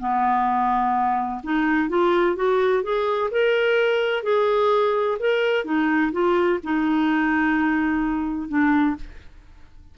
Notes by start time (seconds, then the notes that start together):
0.00 B3
1.44 D#4
1.89 F4
2.36 F#4
2.83 G#4
3.31 A#4
4.23 G#4
5.20 A#4
5.65 D#4
6.12 F4
6.64 D#4
8.49 D4